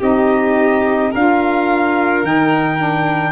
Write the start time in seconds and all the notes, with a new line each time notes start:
0.00 C4 D#4 G4 D#5
1.11 D4 F4 A#4 F5
2.23 D#3 D#4 G5
2.78 D4